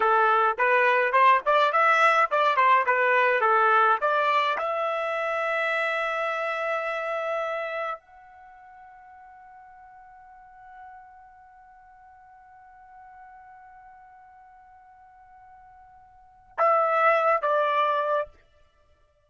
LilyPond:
\new Staff \with { instrumentName = "trumpet" } { \time 4/4 \tempo 4 = 105 a'4 b'4 c''8 d''8 e''4 | d''8 c''8 b'4 a'4 d''4 | e''1~ | e''2 fis''2~ |
fis''1~ | fis''1~ | fis''1~ | fis''4 e''4. d''4. | }